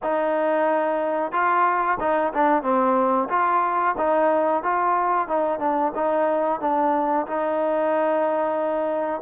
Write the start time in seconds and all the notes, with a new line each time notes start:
0.02 D#4
1.32 F4
1.99 D#4
2.33 D4
2.62 C4
3.29 F4
3.97 D#4
4.63 F4
5.28 D#4
5.59 D4
5.95 D#4
6.60 D4
7.26 D#4